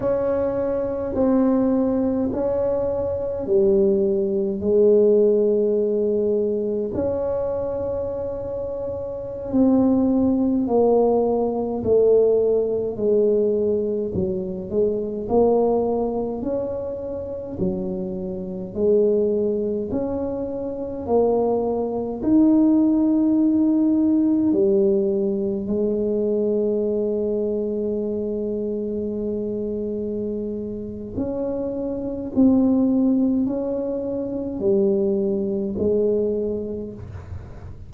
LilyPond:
\new Staff \with { instrumentName = "tuba" } { \time 4/4 \tempo 4 = 52 cis'4 c'4 cis'4 g4 | gis2 cis'2~ | cis'16 c'4 ais4 a4 gis8.~ | gis16 fis8 gis8 ais4 cis'4 fis8.~ |
fis16 gis4 cis'4 ais4 dis'8.~ | dis'4~ dis'16 g4 gis4.~ gis16~ | gis2. cis'4 | c'4 cis'4 g4 gis4 | }